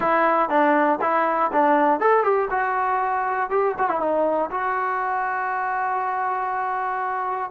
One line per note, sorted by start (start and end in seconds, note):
0.00 0.49 E4
0.49 0.99 D4
1.01 1.51 E4
1.52 2.00 D4
2.00 2.23 A4
2.23 2.48 G4
2.50 3.50 F#4
3.50 3.75 G4
3.78 3.89 F#4
3.89 4.00 E4
4.00 4.50 D#4
4.50 7.50 F#4